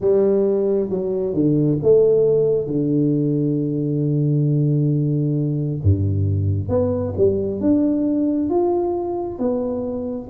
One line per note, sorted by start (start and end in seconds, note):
0.00 0.90 G3
0.90 1.33 F#3
1.33 1.78 D3
1.82 2.66 A3
2.66 5.80 D3
5.82 6.68 G2
6.68 7.13 B3
7.16 7.60 G3
7.60 8.49 D4
8.49 9.38 F4
9.38 10.28 B3